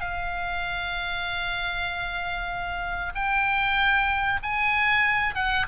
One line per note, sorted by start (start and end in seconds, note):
0.00 3.12 F5
3.14 4.39 G5
4.43 5.34 G#5
5.34 5.66 F#5